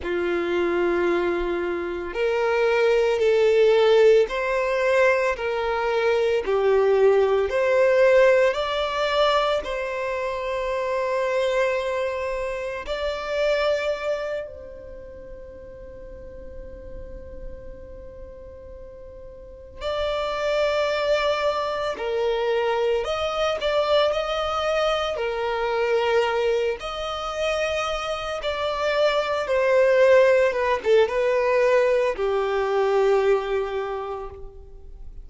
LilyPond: \new Staff \with { instrumentName = "violin" } { \time 4/4 \tempo 4 = 56 f'2 ais'4 a'4 | c''4 ais'4 g'4 c''4 | d''4 c''2. | d''4. c''2~ c''8~ |
c''2~ c''8 d''4.~ | d''8 ais'4 dis''8 d''8 dis''4 ais'8~ | ais'4 dis''4. d''4 c''8~ | c''8 b'16 a'16 b'4 g'2 | }